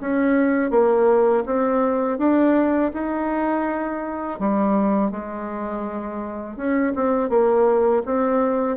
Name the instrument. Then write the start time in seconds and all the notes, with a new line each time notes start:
bassoon
0.00 C#4
0.71 A#3
1.46 C4
2.18 D4
2.93 D#4
4.39 G3
5.11 G#3
6.56 C#4
6.95 C4
7.29 A#3
8.05 C4